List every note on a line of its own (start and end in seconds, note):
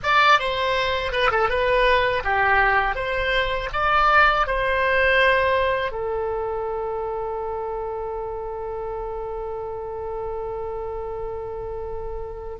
0.03 0.39 D5
0.39 1.11 C5
1.11 1.30 B4
1.31 1.48 A4
1.48 2.23 B4
2.24 2.95 G4
2.95 3.69 C5
3.72 4.46 D5
4.46 5.91 C5
5.91 12.58 A4